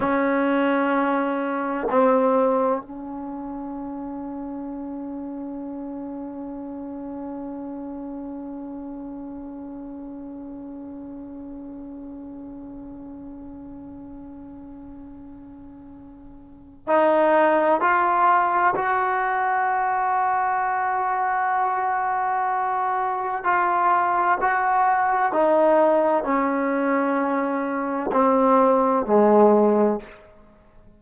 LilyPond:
\new Staff \with { instrumentName = "trombone" } { \time 4/4 \tempo 4 = 64 cis'2 c'4 cis'4~ | cis'1~ | cis'1~ | cis'1~ |
cis'2 dis'4 f'4 | fis'1~ | fis'4 f'4 fis'4 dis'4 | cis'2 c'4 gis4 | }